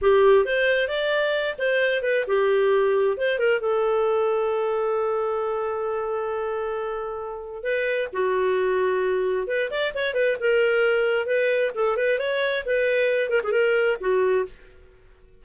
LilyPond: \new Staff \with { instrumentName = "clarinet" } { \time 4/4 \tempo 4 = 133 g'4 c''4 d''4. c''8~ | c''8 b'8 g'2 c''8 ais'8 | a'1~ | a'1~ |
a'4 b'4 fis'2~ | fis'4 b'8 d''8 cis''8 b'8 ais'4~ | ais'4 b'4 a'8 b'8 cis''4 | b'4. ais'16 gis'16 ais'4 fis'4 | }